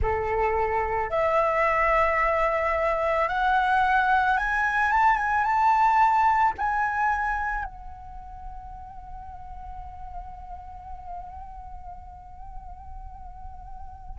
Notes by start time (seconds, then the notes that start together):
0.01 A4
1.10 E5
3.28 F#5
4.37 G#5
4.91 A5
5.16 G#5
5.43 A5
6.58 G#5
7.64 F#5